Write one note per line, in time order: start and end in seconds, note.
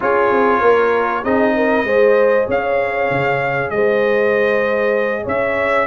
0.00 0.31 C#4
0.00 1.24 F4
0.00 0.60 G#4
0.00 1.24 C#5
0.31 0.62 C4
0.60 1.23 A#3
0.60 1.22 A#4
1.23 1.84 C4
1.23 1.86 D#4
1.23 1.53 G#4
1.23 2.47 D#5
1.55 1.86 A#4
1.84 2.46 G#3
1.84 5.87 G#4
1.84 2.47 C5
2.47 3.10 C#4
2.47 3.71 C#5
2.47 3.70 F5
3.10 3.70 C#3
3.70 5.24 G#3
3.70 5.23 C5
3.70 5.24 D#5
5.23 5.87 C#4
5.23 5.85 C#5
5.23 5.87 E5